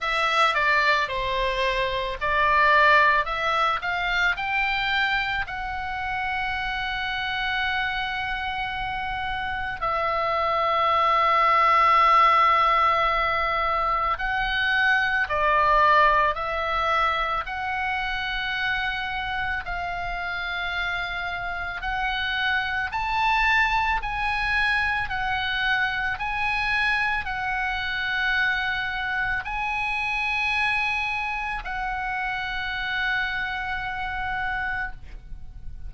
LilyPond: \new Staff \with { instrumentName = "oboe" } { \time 4/4 \tempo 4 = 55 e''8 d''8 c''4 d''4 e''8 f''8 | g''4 fis''2.~ | fis''4 e''2.~ | e''4 fis''4 d''4 e''4 |
fis''2 f''2 | fis''4 a''4 gis''4 fis''4 | gis''4 fis''2 gis''4~ | gis''4 fis''2. | }